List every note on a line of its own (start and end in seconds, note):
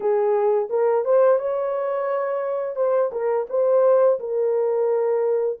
0.00 0.68 G#4
0.69 1.04 A#4
1.05 1.38 C5
1.38 2.76 C#5
2.76 3.10 C5
3.11 3.46 A#4
3.49 4.19 C5
4.19 5.59 A#4